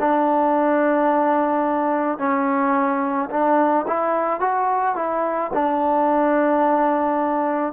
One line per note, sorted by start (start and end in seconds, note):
0.00 2.19 D4
2.19 3.30 C#4
3.31 3.86 D4
3.88 4.41 E4
4.41 4.96 F#4
4.96 5.52 E4
5.54 7.74 D4